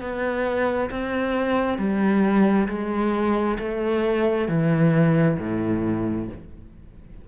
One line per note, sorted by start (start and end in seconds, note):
0.00 0.90 B3
0.90 1.78 C4
1.78 2.68 G3
2.68 3.57 G#3
3.59 4.48 A3
4.48 5.37 E3
5.39 6.28 A2